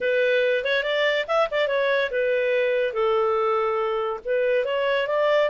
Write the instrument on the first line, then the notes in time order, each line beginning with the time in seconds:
clarinet
0.00 B4
0.64 C#5
0.83 D5
1.27 E5
1.51 D5
1.67 C#5
2.10 B4
2.93 A4
4.24 B4
4.65 C#5
5.07 D5